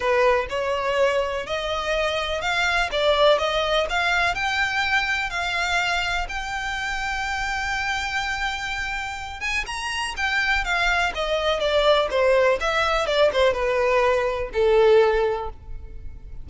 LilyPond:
\new Staff \with { instrumentName = "violin" } { \time 4/4 \tempo 4 = 124 b'4 cis''2 dis''4~ | dis''4 f''4 d''4 dis''4 | f''4 g''2 f''4~ | f''4 g''2.~ |
g''2.~ g''8 gis''8 | ais''4 g''4 f''4 dis''4 | d''4 c''4 e''4 d''8 c''8 | b'2 a'2 | }